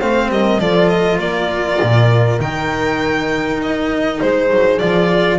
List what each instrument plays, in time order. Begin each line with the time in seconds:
0.00 double bass A3, cello C4, horn C5, violin F5
0.29 double bass G3, horn A#4, violin D#5
0.59 double bass F3, cello F4, horn A4, violin D5
0.89 violin D#5
1.19 double bass A#3, horn A#4, violin D5
1.82 double bass A#2
2.39 double bass D#3, cello D#4, violin G5
3.62 violin D#5
4.21 double bass G#3, horn G#4, violin C5
4.51 double bass F#3
4.79 double bass F3, cello F4, violin D5